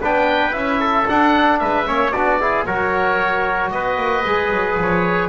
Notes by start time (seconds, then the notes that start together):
0.00 B3 D4 B4 G5
0.51 C#4 E4 E5
0.79 A4
1.07 D4 F#5
1.59 G#3 B4 E5
1.85 A#3 C#4 C#5
2.11 B3 D4 F#4 D5
2.40 E4 G#4
2.66 F#3 F#4 A#4 C#5
3.70 B3 B4 D#5
3.97 A#3
4.25 G#3 G#4
4.50 F#3
4.78 F3 C#5